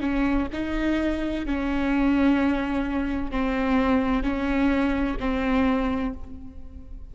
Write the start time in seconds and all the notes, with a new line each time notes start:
0.00 C#4
0.52 D#4
1.45 C#4
3.31 C4
4.23 C#4
5.19 C4